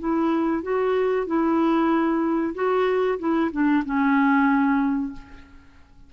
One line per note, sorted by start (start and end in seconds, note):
0.00 0.63 E4
0.63 1.27 F#4
1.27 2.55 E4
2.55 3.19 F#4
3.19 3.51 E4
3.53 3.84 D4
3.85 5.13 C#4